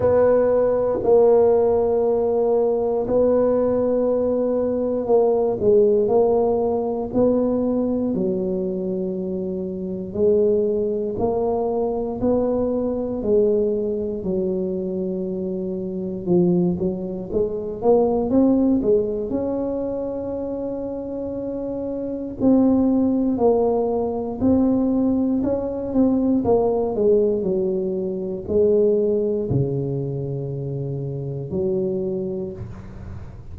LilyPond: \new Staff \with { instrumentName = "tuba" } { \time 4/4 \tempo 4 = 59 b4 ais2 b4~ | b4 ais8 gis8 ais4 b4 | fis2 gis4 ais4 | b4 gis4 fis2 |
f8 fis8 gis8 ais8 c'8 gis8 cis'4~ | cis'2 c'4 ais4 | c'4 cis'8 c'8 ais8 gis8 fis4 | gis4 cis2 fis4 | }